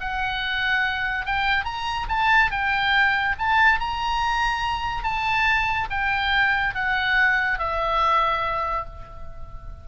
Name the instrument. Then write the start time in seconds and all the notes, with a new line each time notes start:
oboe
0.00 F#5
1.26 G5
1.65 A#5
2.09 A5
2.51 G5
3.38 A5
3.80 A#5
5.03 A5
5.90 G5
6.74 F#5
7.58 E5